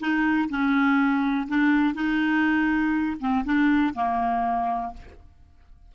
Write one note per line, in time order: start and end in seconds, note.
0.00 0.49 D#4
0.49 1.48 C#4
1.48 1.95 D4
1.95 3.18 D#4
3.20 3.45 C4
3.45 3.94 D4
3.95 4.94 A#3